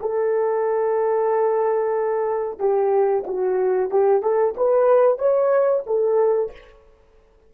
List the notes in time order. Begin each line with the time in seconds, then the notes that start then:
0.00 A4
2.59 G4
3.26 F#4
3.90 G4
4.22 A4
4.57 B4
5.18 C#5
5.86 A4